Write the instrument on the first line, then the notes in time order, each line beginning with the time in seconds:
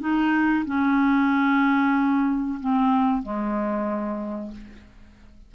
clarinet
0.00 D#4
0.66 C#4
2.60 C4
3.22 G#3